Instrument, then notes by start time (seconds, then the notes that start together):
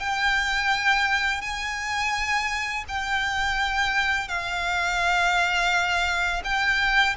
violin
0.00 G5
1.42 G#5
2.89 G5
4.29 F5
6.45 G5